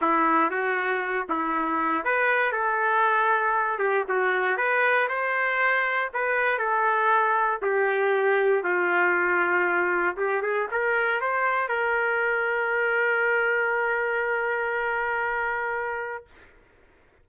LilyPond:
\new Staff \with { instrumentName = "trumpet" } { \time 4/4 \tempo 4 = 118 e'4 fis'4. e'4. | b'4 a'2~ a'8 g'8 | fis'4 b'4 c''2 | b'4 a'2 g'4~ |
g'4 f'2. | g'8 gis'8 ais'4 c''4 ais'4~ | ais'1~ | ais'1 | }